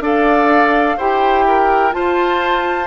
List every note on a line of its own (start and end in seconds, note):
0.00 0.95 D4
0.00 0.98 A4
0.00 0.97 D5
0.00 0.98 F5
0.97 1.93 E4
0.97 1.91 G4
0.97 1.44 C5
0.97 1.92 G5
1.47 1.95 A#4
1.91 2.87 F4
1.91 2.87 C5
1.91 2.87 A5